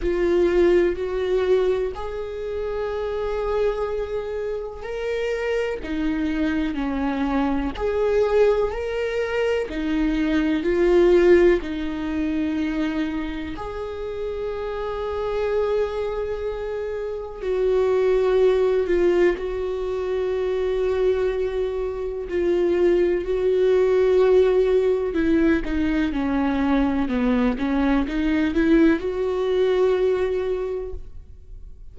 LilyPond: \new Staff \with { instrumentName = "viola" } { \time 4/4 \tempo 4 = 62 f'4 fis'4 gis'2~ | gis'4 ais'4 dis'4 cis'4 | gis'4 ais'4 dis'4 f'4 | dis'2 gis'2~ |
gis'2 fis'4. f'8 | fis'2. f'4 | fis'2 e'8 dis'8 cis'4 | b8 cis'8 dis'8 e'8 fis'2 | }